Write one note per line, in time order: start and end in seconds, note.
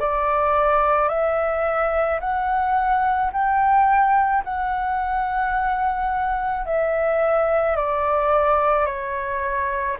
0.00 1.09 D5
1.09 2.20 E5
2.20 3.31 F#5
3.33 4.44 G5
4.44 6.66 F#5
6.66 7.76 E5
7.76 8.86 D5
8.86 9.97 C#5